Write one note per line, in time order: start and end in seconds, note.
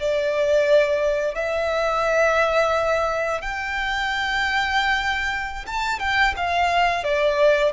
0.00 1.35 D5
1.35 3.41 E5
3.41 5.66 G5
5.67 6.00 A5
6.00 6.34 G5
6.37 7.04 F5
7.04 7.73 D5